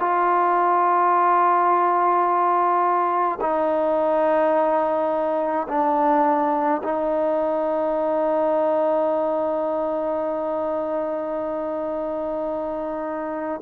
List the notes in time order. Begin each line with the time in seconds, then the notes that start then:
0.00 F4
3.41 D#4
5.69 D4
6.83 D#4